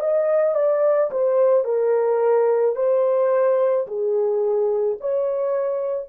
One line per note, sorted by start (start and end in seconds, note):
0.00 0.55 D#5
0.55 1.10 D5
1.11 1.65 C5
1.65 2.76 A#4
2.76 3.87 C5
3.87 4.98 G#4
5.01 6.09 C#5